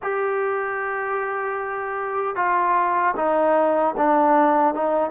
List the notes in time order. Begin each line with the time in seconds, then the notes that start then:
0.02 G4
2.35 F4
3.16 D#4
3.97 D4
4.74 D#4